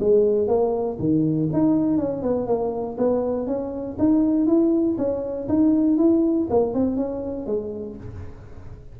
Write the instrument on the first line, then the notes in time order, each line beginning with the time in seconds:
tuba
0.00 G#3
0.47 A#3
0.99 D#3
1.53 D#4
1.98 C#4
2.23 B3
2.47 A#3
2.97 B3
3.47 C#4
3.99 D#4
4.47 E4
4.98 C#4
5.48 D#4
5.97 E4
6.50 A#3
6.74 C4
6.96 C#4
7.47 G#3